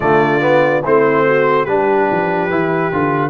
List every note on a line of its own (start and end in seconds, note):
0.00 0.84 D3
0.00 0.40 A3
0.00 0.83 F4
0.00 0.83 D5
0.40 0.82 B3
0.83 1.67 A3
0.83 1.66 C4
0.83 1.24 E4
0.83 1.65 C5
1.25 1.64 F#4
1.64 2.09 G3
1.64 2.50 D4
1.64 3.30 G4
1.64 3.30 B4
2.11 2.50 F3
2.50 2.91 E3
2.50 2.92 E4
2.92 3.30 D3
2.92 3.30 F4